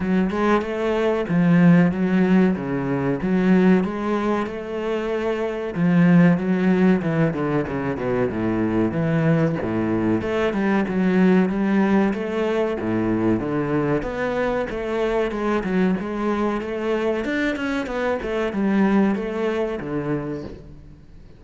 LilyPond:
\new Staff \with { instrumentName = "cello" } { \time 4/4 \tempo 4 = 94 fis8 gis8 a4 f4 fis4 | cis4 fis4 gis4 a4~ | a4 f4 fis4 e8 d8 | cis8 b,8 a,4 e4 a,4 |
a8 g8 fis4 g4 a4 | a,4 d4 b4 a4 | gis8 fis8 gis4 a4 d'8 cis'8 | b8 a8 g4 a4 d4 | }